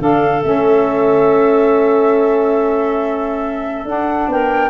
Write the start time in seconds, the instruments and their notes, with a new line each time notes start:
0.00 tuba D3, saxophone D4, clarinet A4, flute F5
0.42 tuba A3, saxophone C#4, flute E5
3.85 tuba D4, saxophone D4, flute F#5
4.28 tuba B3, clarinet A#4, flute G5